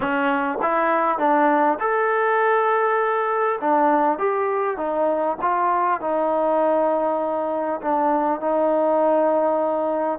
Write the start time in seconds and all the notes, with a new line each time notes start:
0.00 C#4
0.62 E4
1.18 D4
1.79 A4
3.60 D4
4.18 G4
4.77 D#4
5.41 F4
6.00 D#4
7.81 D4
8.40 D#4